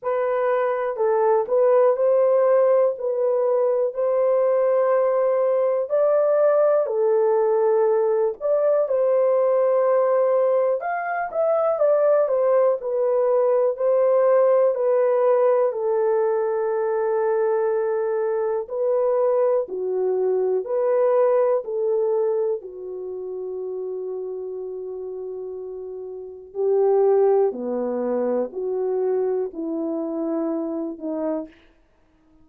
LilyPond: \new Staff \with { instrumentName = "horn" } { \time 4/4 \tempo 4 = 61 b'4 a'8 b'8 c''4 b'4 | c''2 d''4 a'4~ | a'8 d''8 c''2 f''8 e''8 | d''8 c''8 b'4 c''4 b'4 |
a'2. b'4 | fis'4 b'4 a'4 fis'4~ | fis'2. g'4 | b4 fis'4 e'4. dis'8 | }